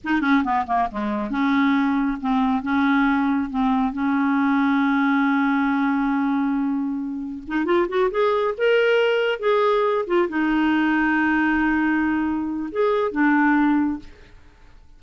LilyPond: \new Staff \with { instrumentName = "clarinet" } { \time 4/4 \tempo 4 = 137 dis'8 cis'8 b8 ais8 gis4 cis'4~ | cis'4 c'4 cis'2 | c'4 cis'2.~ | cis'1~ |
cis'4 dis'8 f'8 fis'8 gis'4 ais'8~ | ais'4. gis'4. f'8 dis'8~ | dis'1~ | dis'4 gis'4 d'2 | }